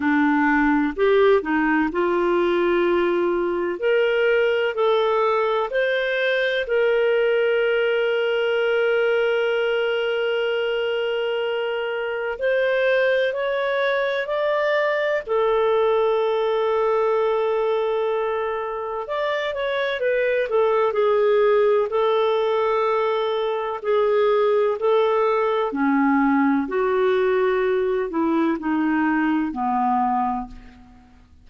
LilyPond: \new Staff \with { instrumentName = "clarinet" } { \time 4/4 \tempo 4 = 63 d'4 g'8 dis'8 f'2 | ais'4 a'4 c''4 ais'4~ | ais'1~ | ais'4 c''4 cis''4 d''4 |
a'1 | d''8 cis''8 b'8 a'8 gis'4 a'4~ | a'4 gis'4 a'4 cis'4 | fis'4. e'8 dis'4 b4 | }